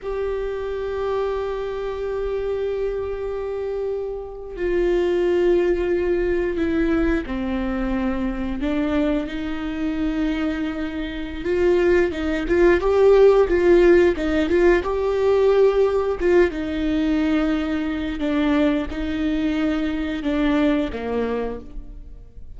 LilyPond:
\new Staff \with { instrumentName = "viola" } { \time 4/4 \tempo 4 = 89 g'1~ | g'2~ g'8. f'4~ f'16~ | f'4.~ f'16 e'4 c'4~ c'16~ | c'8. d'4 dis'2~ dis'16~ |
dis'4 f'4 dis'8 f'8 g'4 | f'4 dis'8 f'8 g'2 | f'8 dis'2~ dis'8 d'4 | dis'2 d'4 ais4 | }